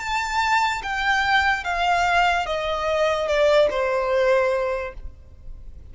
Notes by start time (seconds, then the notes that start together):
0.00 A5
0.83 G5
1.64 F5
2.46 D#5
3.28 D5
3.71 C5